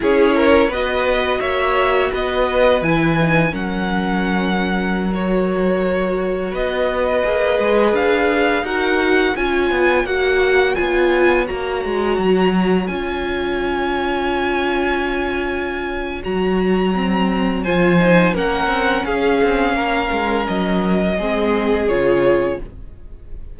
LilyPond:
<<
  \new Staff \with { instrumentName = "violin" } { \time 4/4 \tempo 4 = 85 cis''4 dis''4 e''4 dis''4 | gis''4 fis''2~ fis''16 cis''8.~ | cis''4~ cis''16 dis''2 f''8.~ | f''16 fis''4 gis''4 fis''4 gis''8.~ |
gis''16 ais''2 gis''4.~ gis''16~ | gis''2. ais''4~ | ais''4 gis''4 fis''4 f''4~ | f''4 dis''2 cis''4 | }
  \new Staff \with { instrumentName = "violin" } { \time 4/4 gis'8 ais'8 b'4 cis''4 b'4~ | b'4 ais'2.~ | ais'4~ ais'16 b'2~ b'8.~ | b'16 ais'4 cis''2~ cis''8.~ |
cis''1~ | cis''1~ | cis''4 c''4 ais'4 gis'4 | ais'2 gis'2 | }
  \new Staff \with { instrumentName = "viola" } { \time 4/4 e'4 fis'2. | e'8 dis'8 cis'2~ cis'16 fis'8.~ | fis'2~ fis'16 gis'4.~ gis'16~ | gis'16 fis'4 f'4 fis'4 f'8.~ |
f'16 fis'2 f'4.~ f'16~ | f'2. fis'4 | c'4 f'8 dis'8 cis'2~ | cis'2 c'4 f'4 | }
  \new Staff \with { instrumentName = "cello" } { \time 4/4 cis'4 b4 ais4 b4 | e4 fis2.~ | fis4~ fis16 b4 ais8 gis8 d'8.~ | d'16 dis'4 cis'8 b8 ais4 b8.~ |
b16 ais8 gis8 fis4 cis'4.~ cis'16~ | cis'2. fis4~ | fis4 f4 ais8 c'8 cis'8 c'8 | ais8 gis8 fis4 gis4 cis4 | }
>>